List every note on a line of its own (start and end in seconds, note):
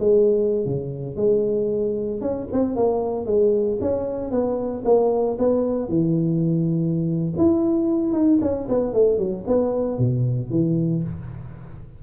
0.00 0.66 G#3
0.66 1.17 C#3
1.17 2.21 G#3
2.21 2.48 C#4
2.53 2.76 C4
2.76 3.26 A#3
3.26 3.79 G#3
3.81 4.31 C#4
4.31 4.84 B3
4.85 5.38 A#3
5.39 5.89 B3
5.89 7.34 E3
7.38 8.13 E4
8.13 8.39 D#4
8.42 8.68 C#4
8.69 8.94 B3
8.94 9.19 A3
9.19 9.45 F#3
9.47 9.99 B3
9.99 10.51 B2
10.51 11.03 E3